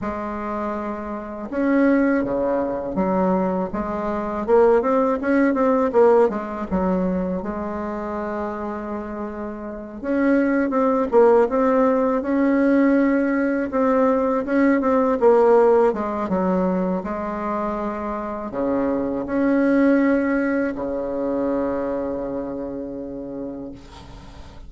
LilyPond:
\new Staff \with { instrumentName = "bassoon" } { \time 4/4 \tempo 4 = 81 gis2 cis'4 cis4 | fis4 gis4 ais8 c'8 cis'8 c'8 | ais8 gis8 fis4 gis2~ | gis4. cis'4 c'8 ais8 c'8~ |
c'8 cis'2 c'4 cis'8 | c'8 ais4 gis8 fis4 gis4~ | gis4 cis4 cis'2 | cis1 | }